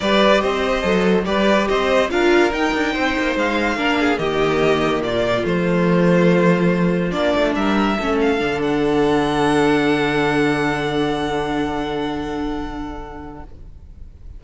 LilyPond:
<<
  \new Staff \with { instrumentName = "violin" } { \time 4/4 \tempo 4 = 143 d''4 dis''2 d''4 | dis''4 f''4 g''2 | f''2 dis''2 | d''4 c''2.~ |
c''4 d''4 e''4. f''8~ | f''8 fis''2.~ fis''8~ | fis''1~ | fis''1 | }
  \new Staff \with { instrumentName = "violin" } { \time 4/4 b'4 c''2 b'4 | c''4 ais'2 c''4~ | c''4 ais'8 gis'8 g'2 | f'1~ |
f'2 ais'4 a'4~ | a'1~ | a'1~ | a'1 | }
  \new Staff \with { instrumentName = "viola" } { \time 4/4 g'2 a'4 g'4~ | g'4 f'4 dis'2~ | dis'4 d'4 ais2~ | ais4 a2.~ |
a4 d'2 cis'4 | d'1~ | d'1~ | d'1 | }
  \new Staff \with { instrumentName = "cello" } { \time 4/4 g4 c'4 fis4 g4 | c'4 d'4 dis'8 d'8 c'8 ais8 | gis4 ais4 dis2 | ais,4 f2.~ |
f4 ais8 a8 g4 a4 | d1~ | d1~ | d1 | }
>>